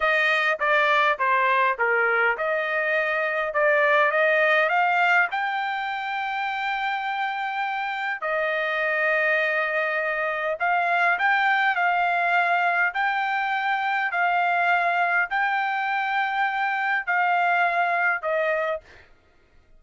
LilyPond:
\new Staff \with { instrumentName = "trumpet" } { \time 4/4 \tempo 4 = 102 dis''4 d''4 c''4 ais'4 | dis''2 d''4 dis''4 | f''4 g''2.~ | g''2 dis''2~ |
dis''2 f''4 g''4 | f''2 g''2 | f''2 g''2~ | g''4 f''2 dis''4 | }